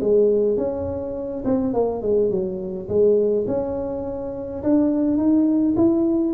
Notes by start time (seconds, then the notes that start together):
0.00 G#3
0.57 C#4
1.44 C4
1.73 A#3
2.02 G#3
2.30 F#3
2.88 G#3
3.47 C#4
4.63 D4
5.17 D#4
5.76 E4